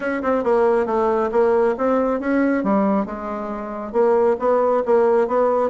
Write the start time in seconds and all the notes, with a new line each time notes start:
0.00 C#4
0.22 C4
0.43 A#3
0.86 A3
1.31 A#3
1.77 C4
2.20 C#4
2.63 G3
3.05 G#3
3.92 A#3
4.39 B3
4.85 A#3
5.27 B3